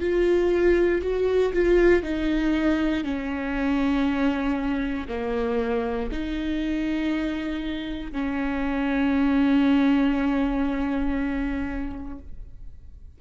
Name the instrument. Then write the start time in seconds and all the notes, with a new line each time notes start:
viola
0.00 F4
1.02 F#4
1.53 F4
2.02 D#4
3.04 C#4
5.08 A#3
6.11 D#4
8.12 C#4